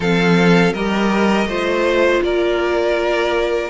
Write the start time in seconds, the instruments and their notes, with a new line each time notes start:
0.00 cello F3, viola C4, violin A4 F5
0.73 cello G3, viola G4, violin A#4 D#5
1.46 cello A3, viola F4, violin C5
2.22 cello A#3, violin A#4 D5